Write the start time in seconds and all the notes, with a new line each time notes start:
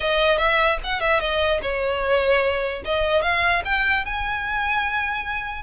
0.00 D#5
0.38 E5
0.83 F#5
1.00 E5
1.20 D#5
1.62 C#5
2.85 D#5
3.22 F5
3.64 G5
4.05 G#5